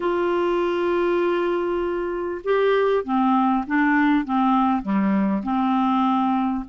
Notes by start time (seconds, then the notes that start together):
0.00 F4
2.44 G4
3.04 C4
3.67 D4
4.24 C4
4.82 G3
5.43 C4